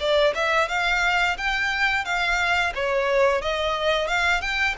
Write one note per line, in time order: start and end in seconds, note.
0.00 0.34 D5
0.35 0.68 E5
0.68 1.37 F5
1.38 2.05 G5
2.05 2.73 F5
2.75 3.42 C#5
3.42 4.08 D#5
4.08 4.41 F5
4.41 4.75 G5